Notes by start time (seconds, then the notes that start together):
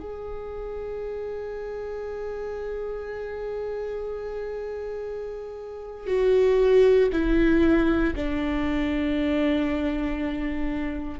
0.00 G#4
6.07 F#4
7.12 E4
8.15 D4